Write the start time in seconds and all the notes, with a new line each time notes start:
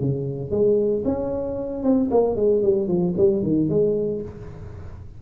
0.00 C#3
0.51 G#3
1.05 C#4
1.83 C4
2.11 A#3
2.36 G#3
2.62 G3
2.88 F3
3.17 G3
3.43 D#3
3.69 G#3